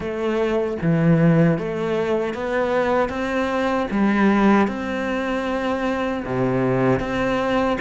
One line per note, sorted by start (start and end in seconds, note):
0.00 0.77 A3
0.82 1.58 E3
1.58 2.34 A3
2.34 3.09 B3
3.09 3.87 C4
3.90 4.68 G3
4.68 6.23 C4
6.25 7.00 C3
7.00 7.77 C4